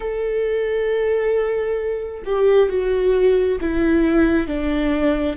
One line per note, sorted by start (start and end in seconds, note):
0.00 2.23 A4
2.25 2.69 G4
2.69 3.58 F#4
3.61 4.47 E4
4.47 5.36 D4